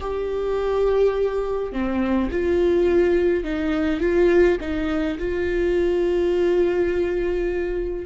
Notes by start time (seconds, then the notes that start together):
0.00 G4
1.72 C4
2.31 F4
3.44 D#4
4.00 F4
4.60 D#4
5.18 F4